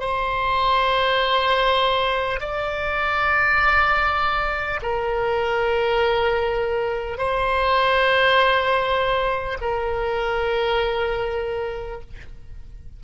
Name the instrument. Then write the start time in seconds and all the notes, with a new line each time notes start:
oboe
0.00 C5
2.41 D5
4.82 A#4
7.18 C5
9.61 A#4